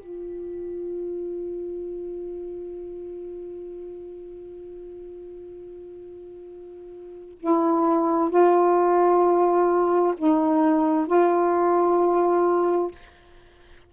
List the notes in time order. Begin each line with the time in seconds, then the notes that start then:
0.00 F4
7.40 E4
8.30 F4
10.17 D#4
11.07 F4